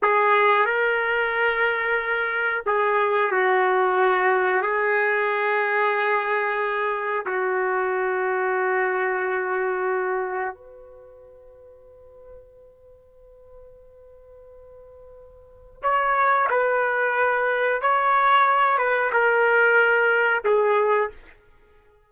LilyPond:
\new Staff \with { instrumentName = "trumpet" } { \time 4/4 \tempo 4 = 91 gis'4 ais'2. | gis'4 fis'2 gis'4~ | gis'2. fis'4~ | fis'1 |
b'1~ | b'1 | cis''4 b'2 cis''4~ | cis''8 b'8 ais'2 gis'4 | }